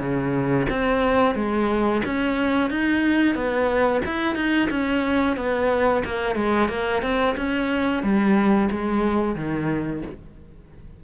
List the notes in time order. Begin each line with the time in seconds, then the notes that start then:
0.00 C#3
0.69 C4
1.35 G#3
2.05 C#4
2.70 D#4
3.35 B3
4.05 E4
4.35 D#4
4.70 C#4
5.37 B3
6.05 A#3
6.35 G#3
6.69 A#3
7.02 C4
7.36 C#4
8.03 G3
8.71 G#3
9.35 D#3